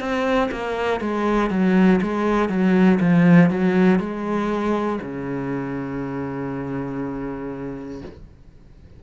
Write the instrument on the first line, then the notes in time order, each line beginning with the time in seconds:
cello
0.00 C4
0.52 A#3
1.01 G#3
1.50 F#3
2.02 G#3
2.50 F#3
3.00 F3
3.51 F#3
4.00 G#3
5.02 C#3